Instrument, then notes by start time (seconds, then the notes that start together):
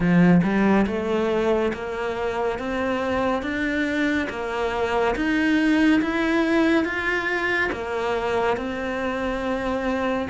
cello
0.00 F3
0.43 G3
0.86 A3
1.73 A#3
2.58 C4
3.42 D4
4.29 A#3
5.15 D#4
6.01 E4
6.84 F4
7.71 A#3
8.56 C4